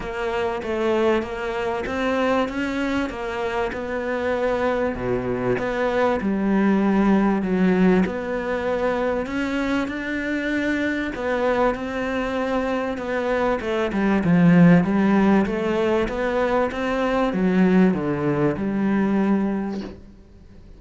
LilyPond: \new Staff \with { instrumentName = "cello" } { \time 4/4 \tempo 4 = 97 ais4 a4 ais4 c'4 | cis'4 ais4 b2 | b,4 b4 g2 | fis4 b2 cis'4 |
d'2 b4 c'4~ | c'4 b4 a8 g8 f4 | g4 a4 b4 c'4 | fis4 d4 g2 | }